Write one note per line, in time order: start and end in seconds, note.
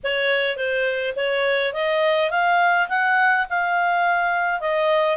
0.03 0.56 C#5
0.56 1.14 C5
1.16 1.73 C#5
1.73 2.30 D#5
2.30 2.88 F5
2.88 3.46 F#5
3.49 4.60 F5
4.60 5.17 D#5